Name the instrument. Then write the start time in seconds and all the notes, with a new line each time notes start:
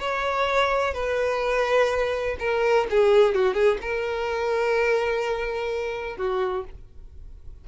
violin
0.00 C#5
0.94 B4
2.40 A#4
2.90 G#4
3.35 F#4
3.54 G#4
3.82 A#4
6.17 F#4